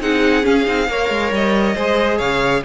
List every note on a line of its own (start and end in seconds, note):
0.00 0.44 C4
0.00 0.42 D#4
0.00 0.89 G#4
0.00 0.45 F#5
0.42 0.64 C#4
0.42 0.67 C#4
0.42 1.32 F5
0.65 0.88 C4
0.65 0.87 D#4
0.88 1.09 A#3
0.88 1.76 A#4
0.88 1.75 C#5
1.09 1.31 G#3
1.31 1.74 G3
1.31 2.18 D#5
1.75 2.19 G#3
1.75 2.64 G#4
1.75 2.17 C5
2.17 2.63 C#3
2.17 2.61 C#5
2.17 2.62 F5